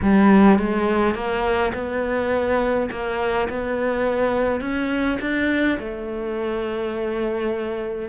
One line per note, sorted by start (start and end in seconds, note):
0.02 0.58 G3
0.58 1.14 G#3
1.14 1.72 A#3
1.74 2.89 B3
2.90 3.48 A#3
3.49 4.60 B3
4.60 5.18 C#4
5.21 5.78 D4
5.79 8.08 A3